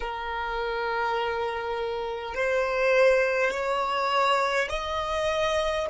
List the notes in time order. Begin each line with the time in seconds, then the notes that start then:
0.00 A#4
2.34 C5
3.50 C#5
4.69 D#5